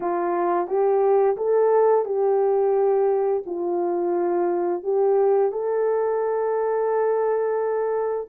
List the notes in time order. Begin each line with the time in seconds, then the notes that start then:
0.00 F4
0.67 G4
1.36 A4
2.05 G4
3.45 F4
4.83 G4
5.52 A4